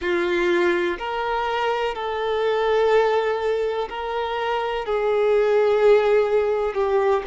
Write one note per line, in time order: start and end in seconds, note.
0.00 0.97 F4
0.98 1.94 A#4
1.94 3.88 A4
3.89 4.85 A#4
4.85 6.74 G#4
6.74 7.22 G4